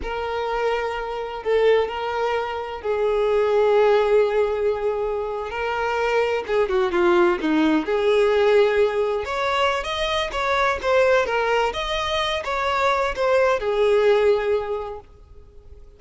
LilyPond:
\new Staff \with { instrumentName = "violin" } { \time 4/4 \tempo 4 = 128 ais'2. a'4 | ais'2 gis'2~ | gis'2.~ gis'8. ais'16~ | ais'4.~ ais'16 gis'8 fis'8 f'4 dis'16~ |
dis'8. gis'2. cis''16~ | cis''4 dis''4 cis''4 c''4 | ais'4 dis''4. cis''4. | c''4 gis'2. | }